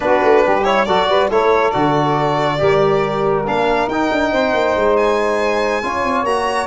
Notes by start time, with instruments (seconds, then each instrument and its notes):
0.00 tuba B3, trombone D4, saxophone F#4, violin B4
0.22 tuba A3
0.44 tuba G3, saxophone G4
0.64 trombone E4, violin C#5
0.84 tuba F#3, trombone F#4, saxophone A4, violin D5
1.09 tuba G3, saxophone B4
1.29 tuba A3, trombone E4, saxophone A4, violin C#5
1.71 tuba D3, trombone F#4, violin D5
2.58 tuba G3, trombone G4, saxophone A#4
3.46 tuba A#3, trombone D4, violin F5
3.87 tuba D#4, trombone D#4, violin G5
4.11 tuba D4
4.31 tuba C4, saxophone C5
4.53 tuba A#3
4.75 tuba G#3
4.96 violin G#5
5.83 tuba C#4, trombone F4, saxophone C#5
6.03 tuba C4
6.23 tuba A#3, trombone F#4, violin A#5